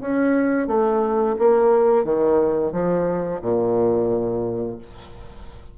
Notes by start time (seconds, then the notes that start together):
0.00 C#4
0.67 A3
1.39 A#3
2.04 D#3
2.72 F3
3.41 A#2